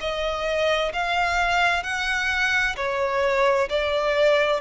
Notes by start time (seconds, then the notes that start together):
0.00 D#5
0.92 F5
1.83 F#5
2.76 C#5
3.69 D5